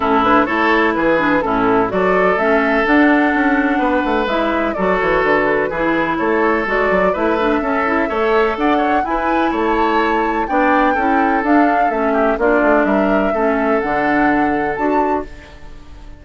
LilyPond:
<<
  \new Staff \with { instrumentName = "flute" } { \time 4/4 \tempo 4 = 126 a'8 b'8 cis''4 b'4 a'4 | d''4 e''4 fis''2~ | fis''4 e''4 d''8 cis''8 b'4~ | b'4 cis''4 d''4 e''4~ |
e''2 fis''4 gis''4 | a''2 g''2 | f''4 e''4 d''4 e''4~ | e''4 fis''2 a''4 | }
  \new Staff \with { instrumentName = "oboe" } { \time 4/4 e'4 a'4 gis'4 e'4 | a'1 | b'2 a'2 | gis'4 a'2 b'4 |
a'4 cis''4 d''8 cis''8 b'4 | cis''2 d''4 a'4~ | a'4. g'8 f'4 ais'4 | a'1 | }
  \new Staff \with { instrumentName = "clarinet" } { \time 4/4 cis'8 d'8 e'4. d'8 cis'4 | fis'4 cis'4 d'2~ | d'4 e'4 fis'2 | e'2 fis'4 e'8 d'8 |
cis'8 e'8 a'2 e'4~ | e'2 d'4 e'4 | d'4 cis'4 d'2 | cis'4 d'2 fis'4 | }
  \new Staff \with { instrumentName = "bassoon" } { \time 4/4 a,4 a4 e4 a,4 | fis4 a4 d'4 cis'4 | b8 a8 gis4 fis8 e8 d4 | e4 a4 gis8 fis8 a4 |
cis'4 a4 d'4 e'4 | a2 b4 cis'4 | d'4 a4 ais8 a8 g4 | a4 d2 d'4 | }
>>